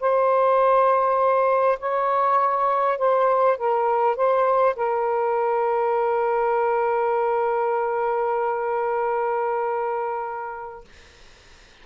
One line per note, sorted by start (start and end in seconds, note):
0.00 1.78 C5
1.79 2.98 C#5
2.98 3.57 C5
3.57 4.16 A#4
4.16 4.75 C5
4.75 10.84 A#4